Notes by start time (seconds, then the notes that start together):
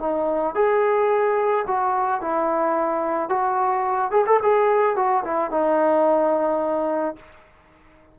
0.00 D#4
0.55 G#4
1.67 F#4
2.21 E4
3.29 F#4
4.12 G#4
4.27 A4
4.42 G#4
4.96 F#4
5.25 E4
5.51 D#4